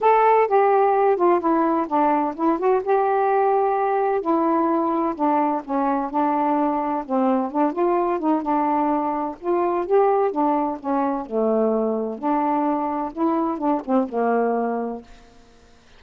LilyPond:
\new Staff \with { instrumentName = "saxophone" } { \time 4/4 \tempo 4 = 128 a'4 g'4. f'8 e'4 | d'4 e'8 fis'8 g'2~ | g'4 e'2 d'4 | cis'4 d'2 c'4 |
d'8 f'4 dis'8 d'2 | f'4 g'4 d'4 cis'4 | a2 d'2 | e'4 d'8 c'8 ais2 | }